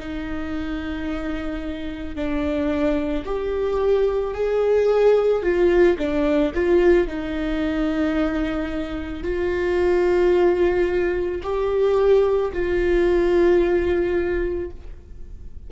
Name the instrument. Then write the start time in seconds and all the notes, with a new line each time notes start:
viola
0.00 D#4
2.16 D4
3.25 G4
4.34 G#4
5.43 F4
5.99 D4
6.55 F4
7.08 D#4
9.24 F4
11.43 G4
12.53 F4